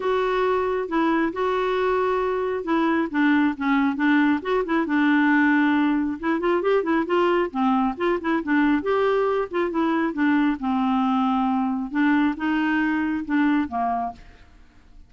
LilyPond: \new Staff \with { instrumentName = "clarinet" } { \time 4/4 \tempo 4 = 136 fis'2 e'4 fis'4~ | fis'2 e'4 d'4 | cis'4 d'4 fis'8 e'8 d'4~ | d'2 e'8 f'8 g'8 e'8 |
f'4 c'4 f'8 e'8 d'4 | g'4. f'8 e'4 d'4 | c'2. d'4 | dis'2 d'4 ais4 | }